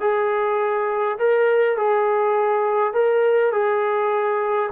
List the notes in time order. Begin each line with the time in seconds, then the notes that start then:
0.00 G#4
1.18 A#4
1.77 G#4
2.93 A#4
3.52 G#4